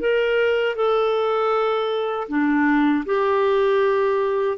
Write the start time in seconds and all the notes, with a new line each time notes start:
0.00 A#4
0.76 A4
2.29 D4
3.06 G4